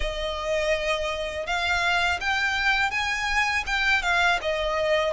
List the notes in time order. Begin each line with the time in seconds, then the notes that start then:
0.00 D#5
1.46 F5
2.20 G5
2.90 G#5
3.66 G5
4.02 F5
4.41 D#5